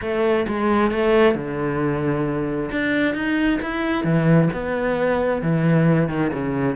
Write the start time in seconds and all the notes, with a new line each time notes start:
0.01 A3
0.47 G#3
0.91 A3
1.35 D3
2.71 D4
3.14 D#4
3.62 E4
4.04 E3
4.53 B3
5.42 E3
6.08 D#3
6.32 C#3